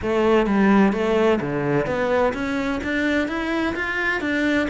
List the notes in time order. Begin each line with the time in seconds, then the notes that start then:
0.01 A3
0.46 G3
0.92 A3
1.40 D3
1.86 B3
2.33 C#4
2.83 D4
3.28 E4
3.75 F4
4.20 D4